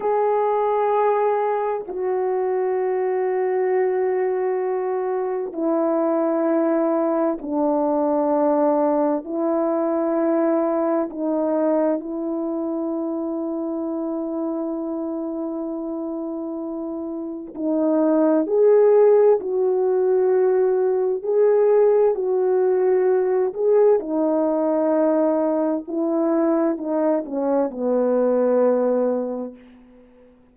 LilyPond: \new Staff \with { instrumentName = "horn" } { \time 4/4 \tempo 4 = 65 gis'2 fis'2~ | fis'2 e'2 | d'2 e'2 | dis'4 e'2.~ |
e'2. dis'4 | gis'4 fis'2 gis'4 | fis'4. gis'8 dis'2 | e'4 dis'8 cis'8 b2 | }